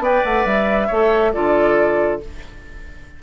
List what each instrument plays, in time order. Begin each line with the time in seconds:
0.00 bassoon B3, clarinet B4, oboe D5, flute G5
0.25 bassoon A3, flute F#5
0.46 bassoon G3, flute E5
0.87 bassoon A3, clarinet A4, oboe C#5
1.33 bassoon D3, clarinet F4, oboe A4, flute D5